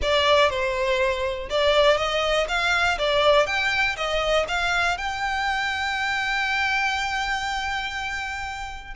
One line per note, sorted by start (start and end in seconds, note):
0.02 0.50 D5
0.50 1.49 C5
1.49 1.97 D5
1.97 2.46 D#5
2.48 2.98 F5
2.98 3.46 D5
3.46 3.96 G5
3.96 4.46 D#5
4.48 4.97 F5
4.97 8.94 G5